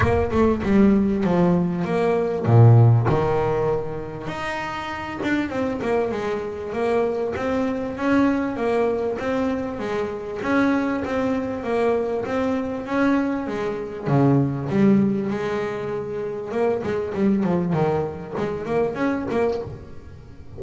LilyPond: \new Staff \with { instrumentName = "double bass" } { \time 4/4 \tempo 4 = 98 ais8 a8 g4 f4 ais4 | ais,4 dis2 dis'4~ | dis'8 d'8 c'8 ais8 gis4 ais4 | c'4 cis'4 ais4 c'4 |
gis4 cis'4 c'4 ais4 | c'4 cis'4 gis4 cis4 | g4 gis2 ais8 gis8 | g8 f8 dis4 gis8 ais8 cis'8 ais8 | }